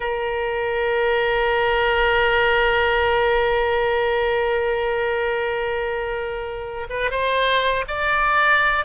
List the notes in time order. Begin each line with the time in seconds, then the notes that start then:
0.00 A#4
6.89 B4
7.10 C5
7.87 D5